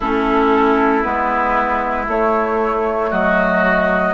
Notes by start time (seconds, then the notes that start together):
0.00 A3 C#4 E4 A4
1.02 G#3 B3 B4
2.07 A3 C#5
3.10 F#3 F#4 D#5